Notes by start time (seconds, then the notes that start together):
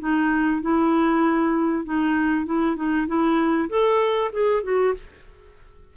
0.00 D#4
0.62 E4
1.85 D#4
2.46 E4
2.76 D#4
3.07 E4
3.69 A4
4.33 G#4
4.63 F#4